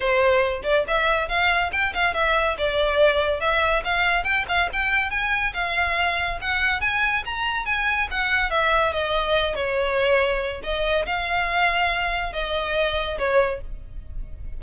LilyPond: \new Staff \with { instrumentName = "violin" } { \time 4/4 \tempo 4 = 141 c''4. d''8 e''4 f''4 | g''8 f''8 e''4 d''2 | e''4 f''4 g''8 f''8 g''4 | gis''4 f''2 fis''4 |
gis''4 ais''4 gis''4 fis''4 | e''4 dis''4. cis''4.~ | cis''4 dis''4 f''2~ | f''4 dis''2 cis''4 | }